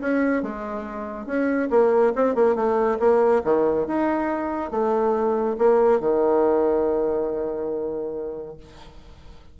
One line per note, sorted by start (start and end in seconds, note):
0.00 0.42 C#4
0.42 1.26 G#3
1.26 1.69 C#4
1.70 2.13 A#3
2.15 2.35 C4
2.35 2.55 A#3
2.55 2.98 A3
2.99 3.42 A#3
3.44 3.86 D#3
3.86 4.71 D#4
4.71 5.57 A3
5.58 6.00 A#3
6.00 8.57 D#3